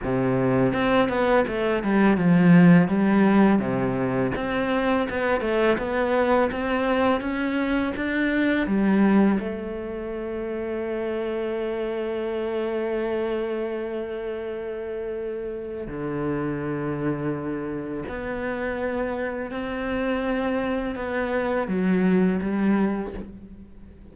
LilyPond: \new Staff \with { instrumentName = "cello" } { \time 4/4 \tempo 4 = 83 c4 c'8 b8 a8 g8 f4 | g4 c4 c'4 b8 a8 | b4 c'4 cis'4 d'4 | g4 a2.~ |
a1~ | a2 d2~ | d4 b2 c'4~ | c'4 b4 fis4 g4 | }